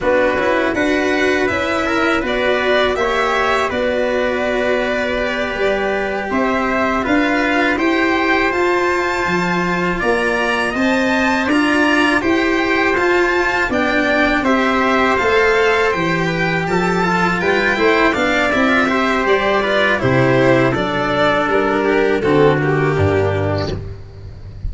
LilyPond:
<<
  \new Staff \with { instrumentName = "violin" } { \time 4/4 \tempo 4 = 81 b'4 fis''4 e''4 d''4 | e''4 d''2.~ | d''8 e''4 f''4 g''4 a''8~ | a''4. ais''4 a''4 ais''8~ |
ais''8 g''4 a''4 g''4 e''8~ | e''8 f''4 g''4 a''4 g''8~ | g''8 f''8 e''4 d''4 c''4 | d''4 ais'4 a'8 g'4. | }
  \new Staff \with { instrumentName = "trumpet" } { \time 4/4 fis'4 b'4. ais'8 b'4 | cis''4 b'2.~ | b'8 c''4 b'4 c''4.~ | c''4. d''4 dis''4 d''8~ |
d''8 c''2 d''4 c''8~ | c''2 b'8 a'4 b'8 | c''8 d''4 c''4 b'8 g'4 | a'4. g'8 fis'4 d'4 | }
  \new Staff \with { instrumentName = "cello" } { \time 4/4 d'8 e'8 fis'4 e'4 fis'4 | g'4 fis'2 g'4~ | g'4. f'4 g'4 f'8~ | f'2~ f'8 c''4 f'8~ |
f'8 g'4 f'4 d'4 g'8~ | g'8 a'4 g'4. f'4 | e'8 d'8 e'16 f'16 g'4 f'8 e'4 | d'2 c'8 ais4. | }
  \new Staff \with { instrumentName = "tuba" } { \time 4/4 b8 cis'8 d'4 cis'4 b4 | ais4 b2~ b8 g8~ | g8 c'4 d'4 e'4 f'8~ | f'8 f4 ais4 c'4 d'8~ |
d'8 e'4 f'4 b4 c'8~ | c'8 a4 e4 f4 g8 | a8 b8 c'4 g4 c4 | fis4 g4 d4 g,4 | }
>>